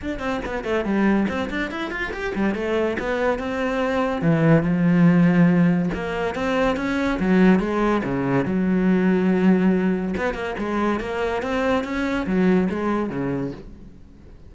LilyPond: \new Staff \with { instrumentName = "cello" } { \time 4/4 \tempo 4 = 142 d'8 c'8 b8 a8 g4 c'8 d'8 | e'8 f'8 g'8 g8 a4 b4 | c'2 e4 f4~ | f2 ais4 c'4 |
cis'4 fis4 gis4 cis4 | fis1 | b8 ais8 gis4 ais4 c'4 | cis'4 fis4 gis4 cis4 | }